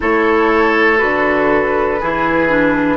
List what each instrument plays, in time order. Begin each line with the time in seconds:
0.00 bassoon A3, clarinet E4, oboe A4, flute C#5
0.97 bassoon D3, clarinet F#4, flute B4
2.00 bassoon E3, clarinet E4, oboe G#4
2.48 clarinet D4